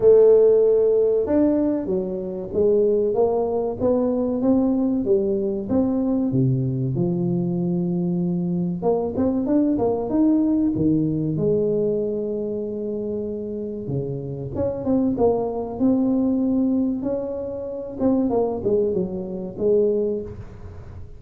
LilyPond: \new Staff \with { instrumentName = "tuba" } { \time 4/4 \tempo 4 = 95 a2 d'4 fis4 | gis4 ais4 b4 c'4 | g4 c'4 c4 f4~ | f2 ais8 c'8 d'8 ais8 |
dis'4 dis4 gis2~ | gis2 cis4 cis'8 c'8 | ais4 c'2 cis'4~ | cis'8 c'8 ais8 gis8 fis4 gis4 | }